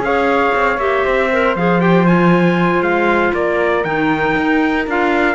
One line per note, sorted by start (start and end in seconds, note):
0.00 0.51 C#4
0.00 0.79 G#4
0.00 1.05 C#5
0.00 0.79 F5
0.55 0.77 C4
0.77 1.03 A#3
0.77 1.30 G4
0.77 1.56 E5
1.05 1.56 C4
1.05 3.33 C5
1.32 1.58 A#4
1.56 2.81 F3
1.56 1.80 G#4
1.56 1.81 F5
1.80 2.06 G4
1.80 2.06 G5
2.06 3.84 F4
2.06 2.83 G#5
2.81 3.32 G#3
2.81 3.33 F5
3.34 3.84 A#3
3.34 5.35 A#4
3.34 3.84 D5
3.84 4.35 D#3
3.84 4.86 D#4
3.84 4.86 G5
4.37 4.87 D#4
4.87 5.35 D4
4.87 5.35 F4
4.87 5.35 F5